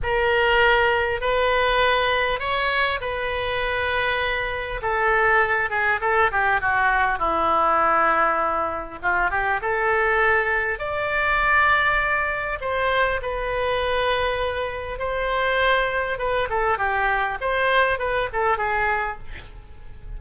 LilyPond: \new Staff \with { instrumentName = "oboe" } { \time 4/4 \tempo 4 = 100 ais'2 b'2 | cis''4 b'2. | a'4. gis'8 a'8 g'8 fis'4 | e'2. f'8 g'8 |
a'2 d''2~ | d''4 c''4 b'2~ | b'4 c''2 b'8 a'8 | g'4 c''4 b'8 a'8 gis'4 | }